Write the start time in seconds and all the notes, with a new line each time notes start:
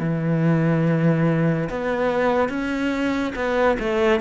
0.00 E3
1.69 B3
2.49 C#4
3.35 B3
3.80 A3